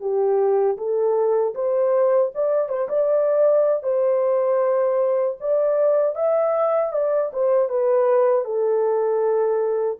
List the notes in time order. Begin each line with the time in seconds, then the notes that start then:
0.00 G4
0.77 A4
1.55 C5
2.34 D5
2.69 C5
2.89 D5
3.83 C5
5.40 D5
6.15 E5
6.93 D5
7.33 C5
7.69 B4
8.44 A4